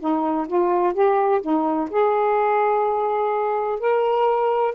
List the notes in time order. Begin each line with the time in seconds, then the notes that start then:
0.00 D#4
0.48 F4
0.94 G4
1.42 D#4
1.91 G#4
3.80 A#4